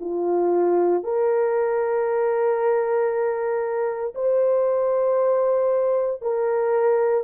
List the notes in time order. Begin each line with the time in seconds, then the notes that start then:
0.00 F4
1.03 A#4
4.14 C5
6.21 A#4